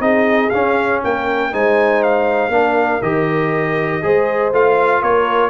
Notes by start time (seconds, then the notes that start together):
0.00 C4 D#4 G#4 D#5
0.50 C#4 F5
1.03 A#3 A#4 G5
1.52 G#3 D#4 C5 G#5
2.03 F5
2.49 A#3 D4 A#4
3.02 D#3 G4 D#5
4.02 G#3 G#4 C5
4.52 A3 F4 F5
5.01 A#3 A#4 C#5